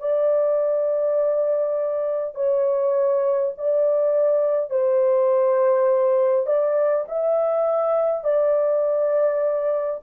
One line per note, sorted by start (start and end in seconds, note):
0.00 2.35 D5
2.35 3.53 C#5
3.58 4.71 D5
4.71 6.47 C5
6.47 7.06 D5
7.09 8.25 E5
8.25 10.01 D5